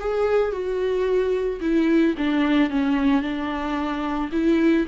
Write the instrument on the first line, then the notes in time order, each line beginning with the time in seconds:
viola
0.00 G#4
0.52 F#4
1.61 E4
2.17 D4
2.70 C#4
3.22 D4
4.32 E4